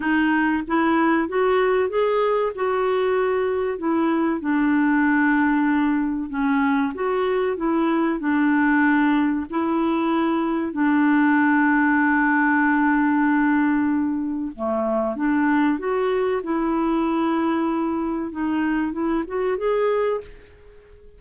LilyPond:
\new Staff \with { instrumentName = "clarinet" } { \time 4/4 \tempo 4 = 95 dis'4 e'4 fis'4 gis'4 | fis'2 e'4 d'4~ | d'2 cis'4 fis'4 | e'4 d'2 e'4~ |
e'4 d'2.~ | d'2. a4 | d'4 fis'4 e'2~ | e'4 dis'4 e'8 fis'8 gis'4 | }